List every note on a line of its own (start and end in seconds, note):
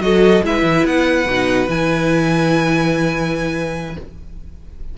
0.00 0.41 F#3
0.00 0.43 F#4
0.00 0.46 A4
0.00 0.43 D#5
0.42 0.63 G#3
0.42 1.26 E4
0.42 3.98 B4
0.42 0.86 E5
0.63 0.83 E3
0.84 1.26 B3
0.84 1.69 F#5
1.26 1.67 B2
1.26 1.68 D#4
1.68 3.96 E3
1.68 3.95 E4
1.68 3.97 G#5